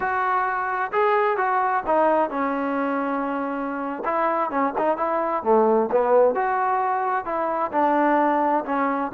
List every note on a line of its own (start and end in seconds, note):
0.00 0.91 F#4
0.91 1.37 G#4
1.37 1.83 F#4
1.86 2.30 D#4
2.30 4.03 C#4
4.04 4.50 E4
4.50 4.73 C#4
4.78 4.97 D#4
4.97 5.43 E4
5.43 5.89 A3
5.91 6.34 B3
6.34 7.25 F#4
7.25 7.71 E4
7.72 8.64 D4
8.65 9.11 C#4